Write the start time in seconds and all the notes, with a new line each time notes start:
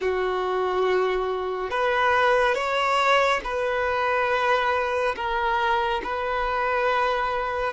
0.00 F#4
1.70 B4
2.54 C#5
3.44 B4
5.15 A#4
6.03 B4